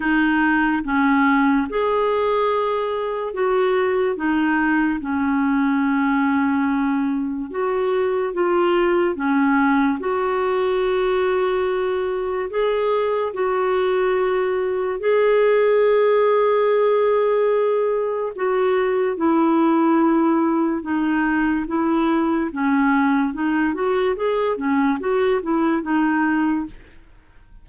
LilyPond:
\new Staff \with { instrumentName = "clarinet" } { \time 4/4 \tempo 4 = 72 dis'4 cis'4 gis'2 | fis'4 dis'4 cis'2~ | cis'4 fis'4 f'4 cis'4 | fis'2. gis'4 |
fis'2 gis'2~ | gis'2 fis'4 e'4~ | e'4 dis'4 e'4 cis'4 | dis'8 fis'8 gis'8 cis'8 fis'8 e'8 dis'4 | }